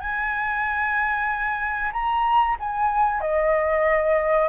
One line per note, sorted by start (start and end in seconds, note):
0.00 1.91 G#5
1.92 2.56 A#5
2.59 3.21 G#5
3.21 4.48 D#5